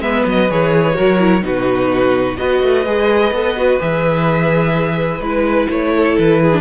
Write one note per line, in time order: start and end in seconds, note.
0.00 0.24 G#3
0.00 0.49 B3
0.00 0.96 B4
0.00 0.25 E5
0.26 0.50 F#3
0.26 0.50 D#5
0.50 0.98 E3
0.50 0.94 G#4
0.50 1.45 C#5
0.94 1.43 F#3
0.94 1.17 F#4
0.94 1.43 A#4
1.20 1.41 E4
1.41 2.37 B2
1.41 2.36 D#4
1.41 2.39 F#4
1.41 2.37 B4
2.37 2.63 B3
2.37 2.84 F#4
2.37 5.93 B4
2.37 3.78 D#5
2.63 2.86 A3
2.86 3.31 G#3
2.86 3.33 G#4
3.31 3.78 B3
3.31 3.56 A4
3.56 3.79 F#4
3.79 5.20 E3
3.79 5.21 G#4
3.79 5.21 E5
5.20 5.67 G#3
5.20 6.53 E4
5.20 5.68 B4
5.70 6.17 A3
5.70 6.18 C#5
5.96 6.43 A4
6.18 6.61 E3
6.18 6.61 B4
6.43 6.61 G#4
6.53 6.61 D4